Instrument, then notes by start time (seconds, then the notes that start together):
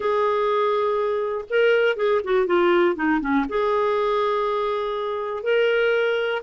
clarinet
0.00 G#4
1.49 A#4
1.96 G#4
2.24 F#4
2.46 F4
2.95 D#4
3.20 C#4
3.48 G#4
5.43 A#4